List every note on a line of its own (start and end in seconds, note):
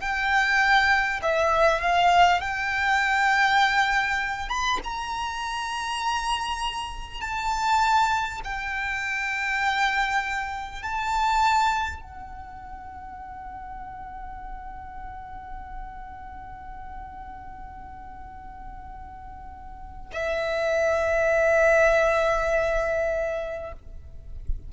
0.00 1.20 G5
1.22 1.81 E5
1.81 2.41 F5
2.41 4.49 G5
4.49 4.79 B5
4.83 7.21 A#5
7.21 8.41 A5
8.44 10.82 G5
10.82 12.01 A5
12.01 20.11 F#5
20.12 23.72 E5